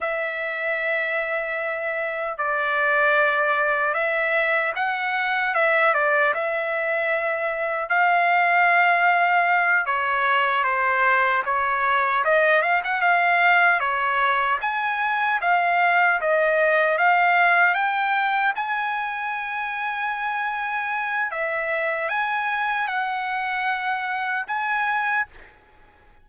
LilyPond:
\new Staff \with { instrumentName = "trumpet" } { \time 4/4 \tempo 4 = 76 e''2. d''4~ | d''4 e''4 fis''4 e''8 d''8 | e''2 f''2~ | f''8 cis''4 c''4 cis''4 dis''8 |
f''16 fis''16 f''4 cis''4 gis''4 f''8~ | f''8 dis''4 f''4 g''4 gis''8~ | gis''2. e''4 | gis''4 fis''2 gis''4 | }